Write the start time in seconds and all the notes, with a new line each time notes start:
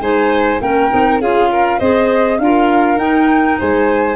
0.00 G#3 D#4 C5 G#5
0.60 A#3 C#4 A#4 G5
0.90 C4 D#4
1.20 C#4 F4 G#4 F5
1.51 A#4
1.79 C4 G#4 C5 D#5
2.38 D4 F4 A#4 F5
2.96 D#4 G5
3.58 G#3 C5 G#5